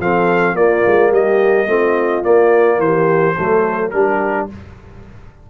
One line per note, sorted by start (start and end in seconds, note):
0.00 0.54 F3
0.00 0.56 C4
0.00 0.55 A4
0.00 0.56 F5
0.54 0.82 A#3
0.54 1.68 A#3
0.54 1.11 F4
0.54 1.12 D5
0.87 1.12 G#3
1.11 1.67 G3
1.11 1.67 G4
1.11 2.25 D#5
1.67 2.23 A3
1.67 2.23 C4
1.67 2.80 F4
2.23 3.35 A#3
2.23 2.79 A#3
2.23 2.81 D5
2.79 3.35 E3
2.79 3.36 G4
2.79 3.91 C5
3.36 3.94 F#3
3.36 3.93 A3
3.36 3.92 A4
3.91 4.50 G3
3.91 4.49 D4
3.91 4.51 G4
3.91 4.47 A#4